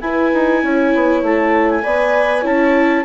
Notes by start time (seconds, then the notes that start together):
0.00 E4 B4 G#5
0.33 D#4
0.63 C#4 C#5
0.94 B3
1.22 A3 A5
1.70 G#5
1.83 B3 B4 D5
2.40 C#4 E4 C#5 A5